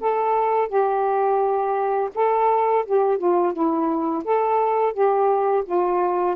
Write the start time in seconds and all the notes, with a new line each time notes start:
0.00 A4
0.68 G4
2.14 A4
2.85 G4
3.18 F4
3.53 E4
4.24 A4
4.93 G4
5.65 F4